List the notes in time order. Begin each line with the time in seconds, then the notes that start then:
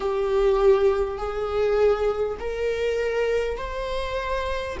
0.00 G4
1.18 G#4
2.39 A#4
3.57 C5